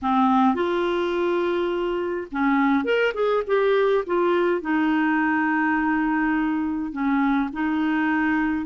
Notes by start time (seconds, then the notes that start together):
0.02 C4
0.54 F4
2.31 C#4
2.84 A#4
3.14 G#4
3.46 G4
4.06 F4
4.61 D#4
6.92 C#4
7.52 D#4